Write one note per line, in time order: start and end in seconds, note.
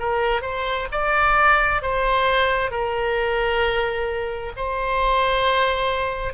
0.00 0.42 A#4
0.42 0.88 C5
0.92 1.83 D5
1.83 2.71 C5
2.71 4.53 A#4
4.57 6.34 C5